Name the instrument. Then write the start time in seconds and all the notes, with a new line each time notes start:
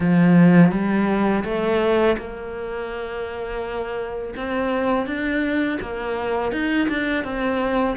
cello
0.00 F3
0.71 G3
1.44 A3
2.17 A#3
4.36 C4
5.06 D4
5.81 A#3
6.52 D#4
6.88 D4
7.24 C4